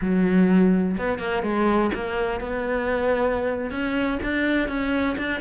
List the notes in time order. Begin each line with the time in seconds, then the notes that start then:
0.01 F#3
0.98 B3
1.18 A#3
1.42 G#3
1.94 A#3
2.40 B3
3.70 C#4
4.22 D4
4.68 C#4
5.18 D4